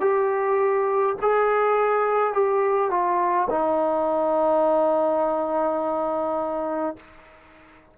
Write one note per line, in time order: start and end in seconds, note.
0.00 1.15 G4
1.21 2.33 G#4
2.33 2.90 G4
2.90 3.48 F4
3.50 6.96 D#4